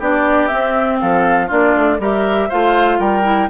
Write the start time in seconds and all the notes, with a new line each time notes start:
0.00 B3 D4 G4 D5
0.47 C4 E5
0.53 C4
1.00 F3 A4 F5
1.47 A#3 D4 F4 D5
1.76 A3
1.99 G3 G4 A#4 E5
2.49 A3 F4 C5 F5
2.99 G3 A#4 G5
3.23 E4